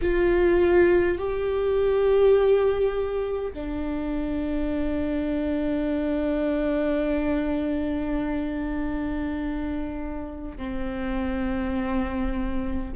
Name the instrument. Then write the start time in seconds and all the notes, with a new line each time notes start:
viola
0.01 F4
1.18 G4
3.53 D4
10.57 C4